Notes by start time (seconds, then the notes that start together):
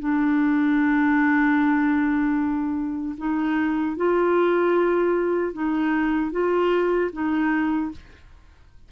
0.00 D4
3.18 D#4
3.97 F4
5.53 D#4
6.32 F4
7.13 D#4